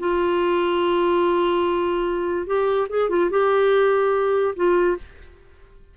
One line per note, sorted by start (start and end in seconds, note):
0.00 2.47 F4
2.47 2.88 G4
2.90 3.10 G#4
3.10 3.31 F4
3.31 4.55 G4
4.56 4.97 F4